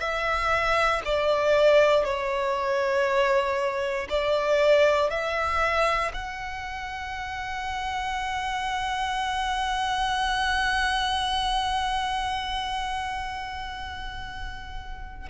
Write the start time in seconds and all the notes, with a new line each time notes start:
0.00 E5
1.05 D5
2.04 C#5
4.10 D5
5.10 E5
6.13 F#5